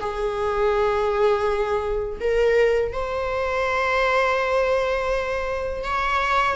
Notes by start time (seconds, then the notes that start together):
0.00 G#4
2.20 A#4
2.92 C5
5.83 C#5